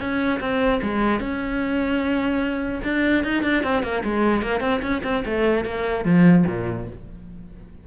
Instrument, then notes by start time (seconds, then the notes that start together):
cello
0.00 C#4
0.40 C4
0.82 G#3
1.20 C#4
2.84 D4
3.24 D#4
3.43 D4
3.64 C4
3.83 A#3
4.04 G#3
4.42 A#3
4.61 C4
4.82 C#4
5.04 C4
5.25 A3
5.65 A#3
6.05 F3
6.47 A#2